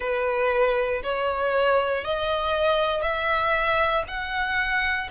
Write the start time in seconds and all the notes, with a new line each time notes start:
0.00 B4
1.03 C#5
2.04 D#5
3.02 E5
4.07 F#5